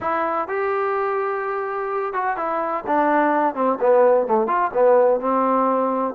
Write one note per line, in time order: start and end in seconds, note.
0.00 0.47 E4
0.47 2.13 G4
2.13 2.36 F#4
2.36 2.84 E4
2.86 3.54 D4
3.54 3.78 C4
3.80 4.26 B3
4.26 4.47 A3
4.47 4.71 F4
4.73 5.20 B3
5.20 6.14 C4